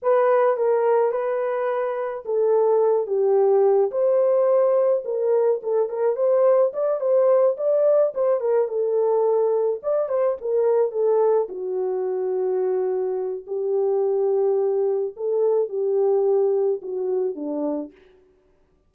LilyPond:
\new Staff \with { instrumentName = "horn" } { \time 4/4 \tempo 4 = 107 b'4 ais'4 b'2 | a'4. g'4. c''4~ | c''4 ais'4 a'8 ais'8 c''4 | d''8 c''4 d''4 c''8 ais'8 a'8~ |
a'4. d''8 c''8 ais'4 a'8~ | a'8 fis'2.~ fis'8 | g'2. a'4 | g'2 fis'4 d'4 | }